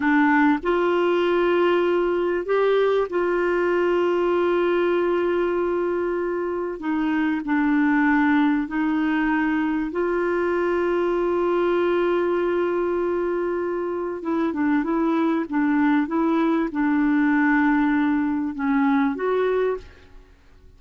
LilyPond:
\new Staff \with { instrumentName = "clarinet" } { \time 4/4 \tempo 4 = 97 d'4 f'2. | g'4 f'2.~ | f'2. dis'4 | d'2 dis'2 |
f'1~ | f'2. e'8 d'8 | e'4 d'4 e'4 d'4~ | d'2 cis'4 fis'4 | }